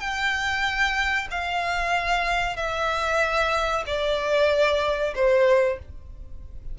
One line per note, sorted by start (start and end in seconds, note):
0.00 1.28 G5
1.31 2.56 F5
2.56 3.84 E5
3.87 5.14 D5
5.15 5.79 C5